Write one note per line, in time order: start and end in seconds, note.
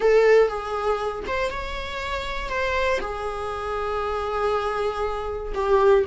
0.00 0.48 A4
0.48 1.24 G#4
1.27 1.50 C5
1.50 2.49 C#5
2.49 2.99 C5
3.00 5.53 G#4
5.54 6.05 G4